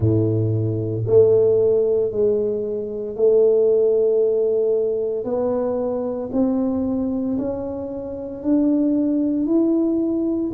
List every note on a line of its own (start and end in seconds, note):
0.00 1.04 A2
1.06 2.11 A3
2.11 3.16 G#3
3.16 5.24 A3
5.24 6.29 B3
6.32 7.37 C4
7.37 8.43 C#4
8.43 9.46 D4
9.46 10.51 E4